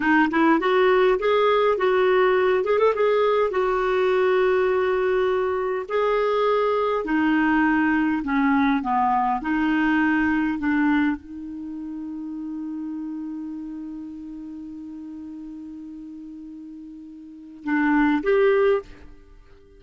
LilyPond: \new Staff \with { instrumentName = "clarinet" } { \time 4/4 \tempo 4 = 102 dis'8 e'8 fis'4 gis'4 fis'4~ | fis'8 gis'16 a'16 gis'4 fis'2~ | fis'2 gis'2 | dis'2 cis'4 b4 |
dis'2 d'4 dis'4~ | dis'1~ | dis'1~ | dis'2 d'4 g'4 | }